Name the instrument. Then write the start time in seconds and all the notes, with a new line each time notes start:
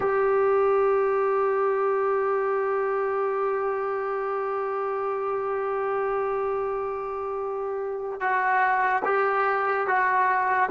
trombone
0.00 G4
8.20 F#4
9.04 G4
9.87 F#4